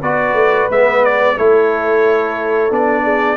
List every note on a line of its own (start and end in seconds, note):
0.00 0.33 B3
0.00 0.71 F#4
0.00 1.35 B4
0.00 0.69 D5
0.33 0.67 A3
0.70 1.37 G#3
0.70 1.37 B3
0.70 1.04 E5
1.04 1.37 D5
1.37 2.71 A3
1.37 2.70 E4
1.37 3.04 A4
1.37 2.72 C#5
2.70 3.36 B3
2.70 3.36 D4
2.70 3.36 D5
3.04 3.36 G#4